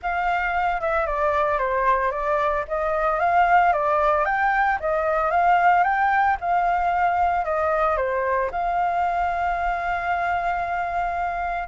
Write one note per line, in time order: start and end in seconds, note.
0.02 0.80 F5
0.80 1.06 E5
1.06 1.58 D5
1.58 2.11 C5
2.11 2.64 D5
2.68 3.19 D#5
3.19 3.72 F5
3.72 4.25 D5
4.25 4.78 G5
4.80 5.30 D#5
5.30 5.83 F5
5.83 6.36 G5
6.40 7.44 F5
7.44 7.96 D#5
7.96 8.50 C5
8.51 11.67 F5